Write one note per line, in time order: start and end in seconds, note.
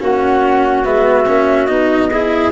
0.00 0.85 A#3
0.00 0.84 C#4
0.00 2.10 F#4
0.00 0.85 F#5
0.84 1.27 G#3
0.84 1.26 B3
0.84 1.66 E5
1.26 1.69 A#3
1.26 1.67 C#4
1.66 2.51 B3
1.66 2.10 D#4
1.66 2.51 D#5
2.10 2.51 E4
2.10 2.51 G#4